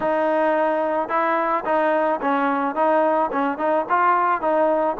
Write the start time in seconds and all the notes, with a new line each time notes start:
0.00 D#4
1.09 E4
1.65 D#4
2.21 C#4
2.75 D#4
3.32 C#4
3.58 D#4
3.89 F4
4.41 D#4